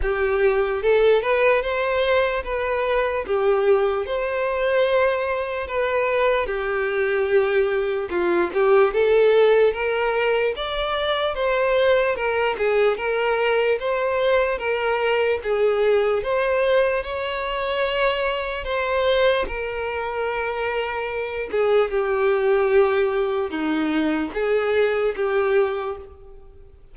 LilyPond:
\new Staff \with { instrumentName = "violin" } { \time 4/4 \tempo 4 = 74 g'4 a'8 b'8 c''4 b'4 | g'4 c''2 b'4 | g'2 f'8 g'8 a'4 | ais'4 d''4 c''4 ais'8 gis'8 |
ais'4 c''4 ais'4 gis'4 | c''4 cis''2 c''4 | ais'2~ ais'8 gis'8 g'4~ | g'4 dis'4 gis'4 g'4 | }